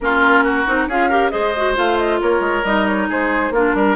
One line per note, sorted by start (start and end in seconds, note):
0.00 0.66 A#3
0.00 0.66 C#4
0.00 0.44 F4
0.00 0.89 A#4
0.44 0.88 F#4
0.66 0.87 C4
0.66 0.89 D#4
0.87 1.31 C#4
0.87 1.10 F4
0.87 1.09 G#4
0.87 1.30 F5
1.09 1.31 G4
1.09 1.31 A#4
1.30 1.77 G#3
1.30 1.53 G#4
1.30 2.19 C5
1.30 1.74 D#5
1.56 1.75 F#4
1.75 2.21 A3
1.75 2.63 F4
1.75 1.98 F5
1.98 2.20 D#5
2.21 2.40 A#3
2.21 3.09 A#4
2.21 2.65 C#5
2.40 2.62 G#3
2.64 3.08 G3
2.64 3.54 D#4
2.64 2.86 D#5
2.86 3.09 C#5
3.09 3.50 G#3
3.09 3.53 G#4
3.09 3.53 C5
3.50 3.72 A#3
3.50 3.96 D4
3.50 3.75 F4
3.50 3.96 A#4
3.74 3.96 G3
3.74 3.96 A#4